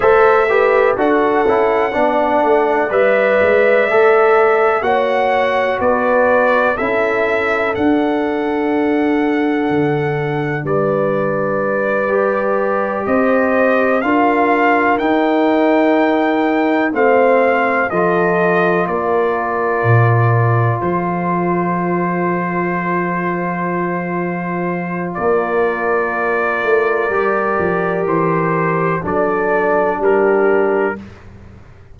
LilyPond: <<
  \new Staff \with { instrumentName = "trumpet" } { \time 4/4 \tempo 4 = 62 e''4 fis''2 e''4~ | e''4 fis''4 d''4 e''4 | fis''2. d''4~ | d''4. dis''4 f''4 g''8~ |
g''4. f''4 dis''4 d''8~ | d''4. c''2~ c''8~ | c''2 d''2~ | d''4 c''4 d''4 ais'4 | }
  \new Staff \with { instrumentName = "horn" } { \time 4/4 c''8 b'8 a'4 d''2~ | d''4 cis''4 b'4 a'4~ | a'2. b'4~ | b'4. c''4 ais'4.~ |
ais'4. c''4 a'4 ais'8~ | ais'4. a'2~ a'8~ | a'2 ais'2~ | ais'2 a'4 g'4 | }
  \new Staff \with { instrumentName = "trombone" } { \time 4/4 a'8 g'8 fis'8 e'8 d'4 b'4 | a'4 fis'2 e'4 | d'1~ | d'8 g'2 f'4 dis'8~ |
dis'4. c'4 f'4.~ | f'1~ | f'1 | g'2 d'2 | }
  \new Staff \with { instrumentName = "tuba" } { \time 4/4 a4 d'8 cis'8 b8 a8 g8 gis8 | a4 ais4 b4 cis'4 | d'2 d4 g4~ | g4. c'4 d'4 dis'8~ |
dis'4. a4 f4 ais8~ | ais8 ais,4 f2~ f8~ | f2 ais4. a8 | g8 f8 e4 fis4 g4 | }
>>